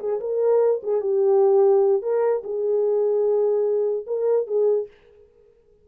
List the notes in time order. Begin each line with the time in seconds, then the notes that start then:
0.00 G#4
0.21 A#4
0.83 G#4
1.01 G4
2.03 A#4
2.44 G#4
4.07 A#4
4.47 G#4